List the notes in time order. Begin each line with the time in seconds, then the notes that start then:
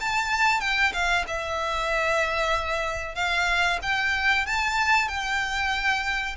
0.00 A5
0.61 G5
0.93 F5
1.27 E5
3.15 F5
3.82 G5
4.46 A5
5.08 G5